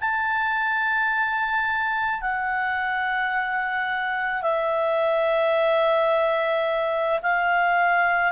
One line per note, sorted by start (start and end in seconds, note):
0.00 2.21 A5
2.21 4.42 F#5
4.42 7.20 E5
7.22 8.32 F5